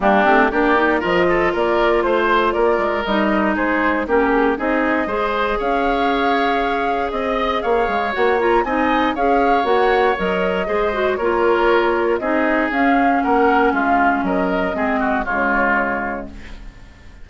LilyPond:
<<
  \new Staff \with { instrumentName = "flute" } { \time 4/4 \tempo 4 = 118 g'4 d''4 dis''4 d''4 | c''4 d''4 dis''4 c''4 | ais'8 gis'8 dis''2 f''4~ | f''2 dis''4 f''4 |
fis''8 ais''8 gis''4 f''4 fis''4 | dis''2 cis''2 | dis''4 f''4 fis''4 f''4 | dis''2 cis''2 | }
  \new Staff \with { instrumentName = "oboe" } { \time 4/4 d'4 g'4 ais'8 a'8 ais'4 | c''4 ais'2 gis'4 | g'4 gis'4 c''4 cis''4~ | cis''2 dis''4 cis''4~ |
cis''4 dis''4 cis''2~ | cis''4 c''4 ais'2 | gis'2 ais'4 f'4 | ais'4 gis'8 fis'8 f'2 | }
  \new Staff \with { instrumentName = "clarinet" } { \time 4/4 ais8 c'8 d'8 dis'8 f'2~ | f'2 dis'2 | cis'4 dis'4 gis'2~ | gis'1 |
fis'8 f'8 dis'4 gis'4 fis'4 | ais'4 gis'8 fis'8 f'2 | dis'4 cis'2.~ | cis'4 c'4 gis2 | }
  \new Staff \with { instrumentName = "bassoon" } { \time 4/4 g8 a8 ais4 f4 ais4 | a4 ais8 gis8 g4 gis4 | ais4 c'4 gis4 cis'4~ | cis'2 c'4 ais8 gis8 |
ais4 c'4 cis'4 ais4 | fis4 gis4 ais2 | c'4 cis'4 ais4 gis4 | fis4 gis4 cis2 | }
>>